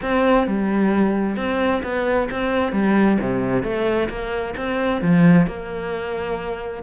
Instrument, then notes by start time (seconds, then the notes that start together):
cello
0.02 C4
0.47 G3
1.36 C4
1.83 B3
2.30 C4
2.72 G3
3.20 C3
3.63 A3
4.09 A#3
4.56 C4
5.01 F3
5.46 A#3